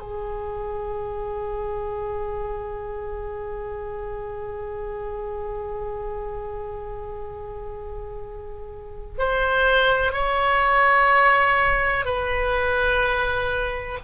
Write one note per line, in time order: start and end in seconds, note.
0.00 9.18 G#4
9.18 10.13 C5
10.13 12.05 C#5
12.05 13.99 B4